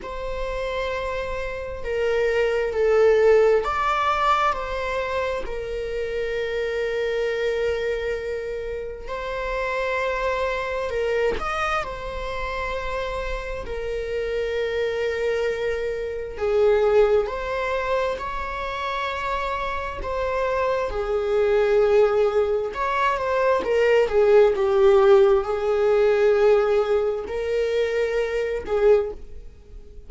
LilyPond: \new Staff \with { instrumentName = "viola" } { \time 4/4 \tempo 4 = 66 c''2 ais'4 a'4 | d''4 c''4 ais'2~ | ais'2 c''2 | ais'8 dis''8 c''2 ais'4~ |
ais'2 gis'4 c''4 | cis''2 c''4 gis'4~ | gis'4 cis''8 c''8 ais'8 gis'8 g'4 | gis'2 ais'4. gis'8 | }